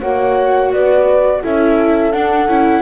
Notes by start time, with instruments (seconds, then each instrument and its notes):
0.00 double bass A#3, viola F#4, horn C#5, flute F#5
0.71 double bass B3, horn B4, flute D5
1.42 double bass C#4, viola E4, horn A4, flute E5
2.12 double bass D4, viola D4, flute F#5
2.47 double bass C#4, viola E4